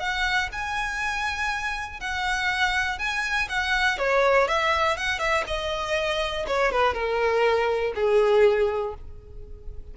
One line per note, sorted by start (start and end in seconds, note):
0.00 0.50 F#5
0.53 2.01 G#5
2.01 2.99 F#5
2.99 3.48 G#5
3.49 3.99 F#5
3.99 4.48 C#5
4.48 4.97 E5
4.97 5.20 F#5
5.20 5.44 E5
5.47 6.47 D#5
6.48 6.72 C#5
6.72 6.94 B4
6.94 7.94 A#4
7.95 8.95 G#4